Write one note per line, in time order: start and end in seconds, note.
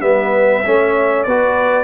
0.00 0.62 G3
0.00 0.64 B3
0.00 0.66 B4
0.00 1.23 E5
0.64 1.26 A3
0.64 1.27 C#4
0.64 1.26 C#5
1.23 1.84 B3
1.23 1.84 F#4
1.23 1.84 B4
1.23 1.84 D5